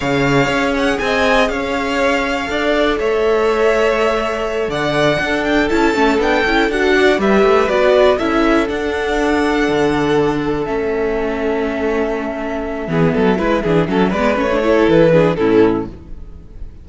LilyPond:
<<
  \new Staff \with { instrumentName = "violin" } { \time 4/4 \tempo 4 = 121 f''4. fis''8 gis''4 f''4~ | f''2 e''2~ | e''4. fis''4. g''8 a''8~ | a''8 g''4 fis''4 e''4 d''8~ |
d''8 e''4 fis''2~ fis''8~ | fis''4. e''2~ e''8~ | e''1~ | e''8 d''8 cis''4 b'4 a'4 | }
  \new Staff \with { instrumentName = "violin" } { \time 4/4 cis''2 dis''4 cis''4~ | cis''4 d''4 cis''2~ | cis''4. d''4 a'4.~ | a'2 d''8 b'4.~ |
b'8 a'2.~ a'8~ | a'1~ | a'2 gis'8 a'8 b'8 gis'8 | a'8 b'4 a'4 gis'8 e'4 | }
  \new Staff \with { instrumentName = "viola" } { \time 4/4 gis'1~ | gis'4 a'2.~ | a'2~ a'8 d'4 e'8 | cis'8 d'8 e'8 fis'4 g'4 fis'8~ |
fis'8 e'4 d'2~ d'8~ | d'4. cis'2~ cis'8~ | cis'2 b4 e'8 d'8 | cis'8 b8 cis'16 d'16 e'4 d'8 cis'4 | }
  \new Staff \with { instrumentName = "cello" } { \time 4/4 cis4 cis'4 c'4 cis'4~ | cis'4 d'4 a2~ | a4. d4 d'4 cis'8 | a8 b8 cis'8 d'4 g8 a8 b8~ |
b8 cis'4 d'2 d8~ | d4. a2~ a8~ | a2 e8 fis8 gis8 e8 | fis8 gis8 a4 e4 a,4 | }
>>